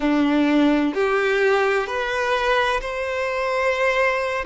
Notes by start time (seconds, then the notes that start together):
0.00 D4
0.94 G4
1.86 B4
2.80 C5